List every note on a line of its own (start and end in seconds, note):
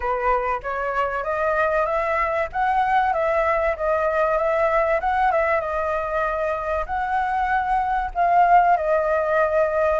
0.00 0.61 B4
0.62 1.23 C#5
1.23 1.86 D#5
1.86 2.48 E5
2.52 3.13 F#5
3.13 3.75 E5
3.76 4.37 D#5
4.37 5.00 E5
5.00 5.31 F#5
5.31 5.60 E5
5.60 6.85 D#5
6.86 8.11 F#5
8.14 8.77 F5
8.77 9.99 D#5